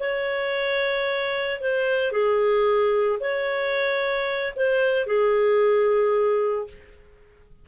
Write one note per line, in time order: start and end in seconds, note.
0.00 1.61 C#5
1.61 2.12 C5
2.12 3.19 G#4
3.20 4.54 C#5
4.56 5.07 C5
5.07 6.67 G#4